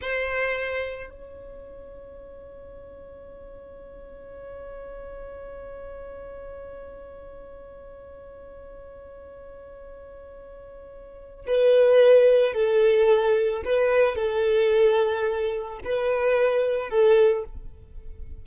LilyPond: \new Staff \with { instrumentName = "violin" } { \time 4/4 \tempo 4 = 110 c''2 cis''2~ | cis''1~ | cis''1~ | cis''1~ |
cis''1~ | cis''4 b'2 a'4~ | a'4 b'4 a'2~ | a'4 b'2 a'4 | }